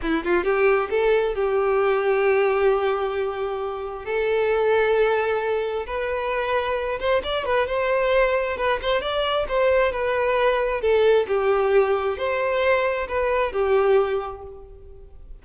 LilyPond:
\new Staff \with { instrumentName = "violin" } { \time 4/4 \tempo 4 = 133 e'8 f'8 g'4 a'4 g'4~ | g'1~ | g'4 a'2.~ | a'4 b'2~ b'8 c''8 |
d''8 b'8 c''2 b'8 c''8 | d''4 c''4 b'2 | a'4 g'2 c''4~ | c''4 b'4 g'2 | }